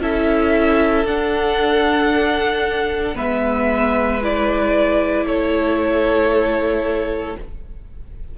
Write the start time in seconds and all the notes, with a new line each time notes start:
0.00 C#4 E4 A4 E5
1.04 D4 F#5
3.15 G#3 B3 B4 E5
4.22 E4 D5
5.25 A3 A4 C#5